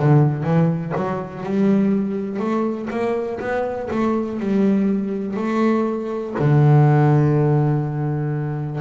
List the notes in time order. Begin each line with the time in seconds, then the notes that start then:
0.00 D3
0.44 E3
0.96 F#3
1.44 G3
2.40 A3
2.91 A#3
3.40 B3
3.91 A3
4.40 G3
5.37 A3
6.39 D3